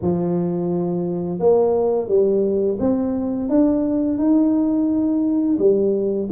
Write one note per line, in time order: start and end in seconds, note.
0.01 1.39 F3
1.39 2.08 A#3
2.08 2.78 G3
2.79 3.49 C4
3.49 4.18 D4
4.18 5.57 D#4
5.58 6.28 G3